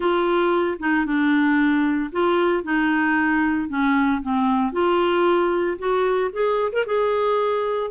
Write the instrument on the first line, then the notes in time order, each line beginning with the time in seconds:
clarinet
0.00 F4
0.79 D#4
1.05 D4
2.11 F4
2.63 D#4
3.68 C#4
4.22 C4
4.72 F4
5.78 F#4
6.32 G#4
6.72 A#4
6.85 G#4